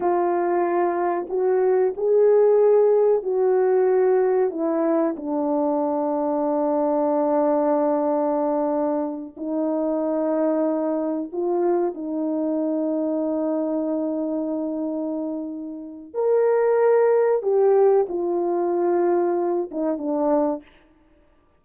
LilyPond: \new Staff \with { instrumentName = "horn" } { \time 4/4 \tempo 4 = 93 f'2 fis'4 gis'4~ | gis'4 fis'2 e'4 | d'1~ | d'2~ d'8 dis'4.~ |
dis'4. f'4 dis'4.~ | dis'1~ | dis'4 ais'2 g'4 | f'2~ f'8 dis'8 d'4 | }